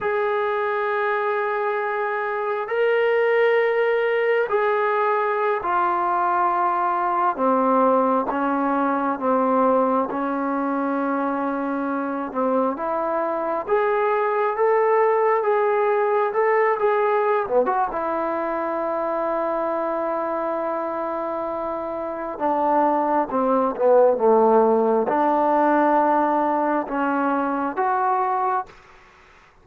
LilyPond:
\new Staff \with { instrumentName = "trombone" } { \time 4/4 \tempo 4 = 67 gis'2. ais'4~ | ais'4 gis'4~ gis'16 f'4.~ f'16~ | f'16 c'4 cis'4 c'4 cis'8.~ | cis'4.~ cis'16 c'8 e'4 gis'8.~ |
gis'16 a'4 gis'4 a'8 gis'8. b16 fis'16 | e'1~ | e'4 d'4 c'8 b8 a4 | d'2 cis'4 fis'4 | }